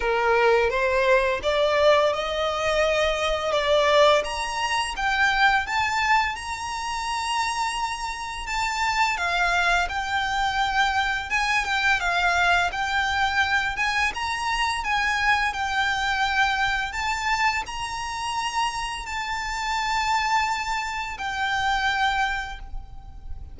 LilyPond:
\new Staff \with { instrumentName = "violin" } { \time 4/4 \tempo 4 = 85 ais'4 c''4 d''4 dis''4~ | dis''4 d''4 ais''4 g''4 | a''4 ais''2. | a''4 f''4 g''2 |
gis''8 g''8 f''4 g''4. gis''8 | ais''4 gis''4 g''2 | a''4 ais''2 a''4~ | a''2 g''2 | }